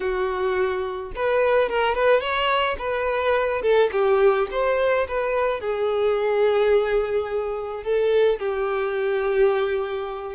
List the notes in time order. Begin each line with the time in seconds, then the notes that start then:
0.00 F#4
1.15 B4
1.69 A#4
1.94 B4
2.20 C#5
2.78 B4
3.61 A4
3.92 G4
4.51 C5
5.08 B4
5.60 G#4
7.83 A4
8.39 G4